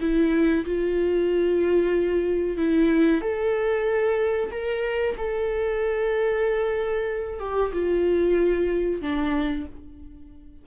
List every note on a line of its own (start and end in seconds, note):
0.00 0.65 E4
0.65 2.57 F4
2.57 3.21 E4
3.21 4.50 A4
4.51 5.15 A#4
5.17 7.39 A4
7.39 7.72 G4
7.72 9.01 F4
9.01 9.65 D4